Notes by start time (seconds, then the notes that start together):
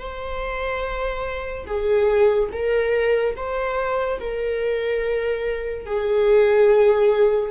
0.00 C5
1.67 G#4
2.53 A#4
3.36 C5
4.20 A#4
5.86 G#4